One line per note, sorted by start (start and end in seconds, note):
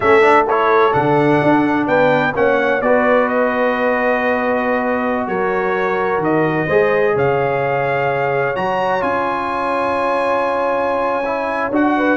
0.00 0.92 A3
0.00 0.21 C#4
0.00 1.88 A4
0.00 0.46 E5
0.21 0.45 D4
0.48 0.92 E4
0.48 0.93 C#5
0.92 1.41 D3
0.92 2.32 D4
0.92 1.87 F#5
1.42 1.87 D4
1.87 2.34 B3
1.87 2.35 B4
1.87 2.33 G5
2.34 2.81 A#3
2.34 2.81 C#4
2.34 2.84 C#5
2.34 2.81 F#5
2.81 5.27 B3
2.81 6.68 F#4
2.81 5.27 B4
2.81 3.28 D5
3.28 5.27 D#5
5.27 6.18 F#3
5.27 6.66 A#4
5.27 6.21 C#5
6.18 6.65 D#3
6.18 7.17 D#5
6.66 7.15 G#3
6.66 8.55 G#4
6.66 7.13 C5
7.15 8.55 C#3
7.15 11.95 C#5
7.15 8.56 F5
8.55 9.02 F#3
8.55 9.00 F#4
8.55 9.02 A#5
9.00 11.70 C#4
9.00 11.23 F4
9.00 11.71 G#5
11.25 11.72 E4
11.70 12.17 D4
11.70 12.17 F#4
11.70 12.17 F#5
11.96 12.17 B4